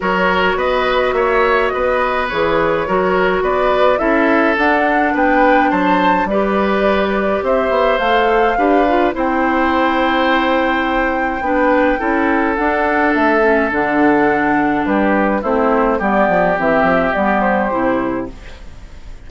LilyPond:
<<
  \new Staff \with { instrumentName = "flute" } { \time 4/4 \tempo 4 = 105 cis''4 dis''4 e''4 dis''4 | cis''2 d''4 e''4 | fis''4 g''4 a''4 d''4~ | d''4 e''4 f''2 |
g''1~ | g''2 fis''4 e''4 | fis''2 b'4 c''4 | d''4 e''4 d''8 c''4. | }
  \new Staff \with { instrumentName = "oboe" } { \time 4/4 ais'4 b'4 cis''4 b'4~ | b'4 ais'4 b'4 a'4~ | a'4 b'4 c''4 b'4~ | b'4 c''2 b'4 |
c''1 | b'4 a'2.~ | a'2 g'4 e'4 | g'1 | }
  \new Staff \with { instrumentName = "clarinet" } { \time 4/4 fis'1 | gis'4 fis'2 e'4 | d'2. g'4~ | g'2 a'4 g'8 f'8 |
e'1 | d'4 e'4 d'4. cis'8 | d'2. c'4 | b4 c'4 b4 e'4 | }
  \new Staff \with { instrumentName = "bassoon" } { \time 4/4 fis4 b4 ais4 b4 | e4 fis4 b4 cis'4 | d'4 b4 fis4 g4~ | g4 c'8 b8 a4 d'4 |
c'1 | b4 cis'4 d'4 a4 | d2 g4 a4 | g8 f8 e8 f8 g4 c4 | }
>>